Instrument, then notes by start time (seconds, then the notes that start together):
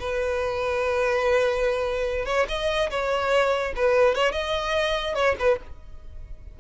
violin
0.00 B4
2.26 C#5
2.48 D#5
2.91 C#5
3.76 B4
4.15 C#5
4.32 D#5
5.15 C#5
5.39 B4